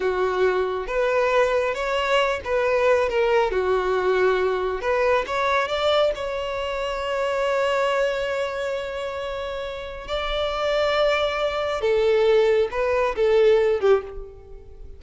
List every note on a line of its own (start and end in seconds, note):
0.00 0.87 F#4
0.87 1.74 B4
1.74 2.40 C#5
2.44 3.09 B4
3.09 3.51 A#4
3.51 4.81 F#4
4.81 5.25 B4
5.27 5.68 C#5
5.68 6.12 D5
6.15 10.07 C#5
10.07 11.81 D5
11.81 12.68 A4
12.71 13.15 B4
13.15 13.80 A4
13.80 14.02 G4